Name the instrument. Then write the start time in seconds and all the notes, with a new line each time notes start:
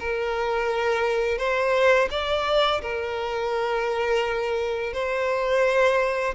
violin
0.00 A#4
1.38 C5
2.11 D5
2.82 A#4
4.93 C5